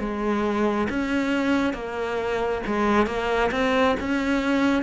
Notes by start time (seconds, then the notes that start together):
0.00 G#3
0.90 C#4
1.74 A#3
2.67 G#3
3.07 A#3
3.52 C4
4.00 C#4